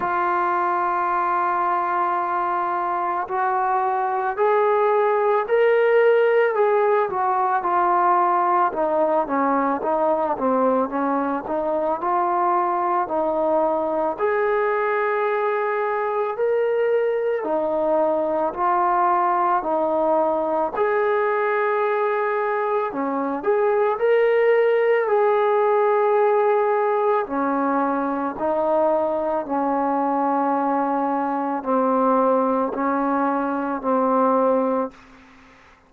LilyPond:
\new Staff \with { instrumentName = "trombone" } { \time 4/4 \tempo 4 = 55 f'2. fis'4 | gis'4 ais'4 gis'8 fis'8 f'4 | dis'8 cis'8 dis'8 c'8 cis'8 dis'8 f'4 | dis'4 gis'2 ais'4 |
dis'4 f'4 dis'4 gis'4~ | gis'4 cis'8 gis'8 ais'4 gis'4~ | gis'4 cis'4 dis'4 cis'4~ | cis'4 c'4 cis'4 c'4 | }